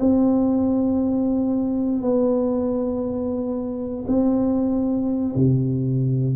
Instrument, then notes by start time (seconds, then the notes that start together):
tuba
0.00 C4
2.02 B3
4.07 C4
5.35 C3